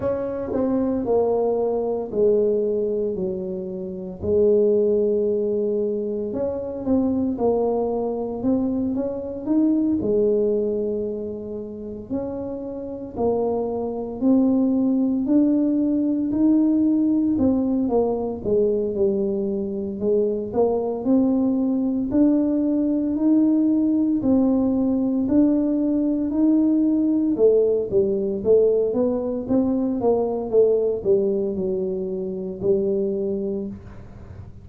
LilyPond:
\new Staff \with { instrumentName = "tuba" } { \time 4/4 \tempo 4 = 57 cis'8 c'8 ais4 gis4 fis4 | gis2 cis'8 c'8 ais4 | c'8 cis'8 dis'8 gis2 cis'8~ | cis'8 ais4 c'4 d'4 dis'8~ |
dis'8 c'8 ais8 gis8 g4 gis8 ais8 | c'4 d'4 dis'4 c'4 | d'4 dis'4 a8 g8 a8 b8 | c'8 ais8 a8 g8 fis4 g4 | }